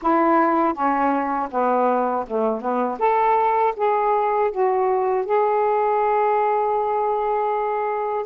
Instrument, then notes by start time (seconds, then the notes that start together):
saxophone
0.01 E4
0.73 C#4
1.50 B3
2.27 A3
2.61 B3
2.99 A4
3.76 G#4
4.51 F#4
5.25 G#4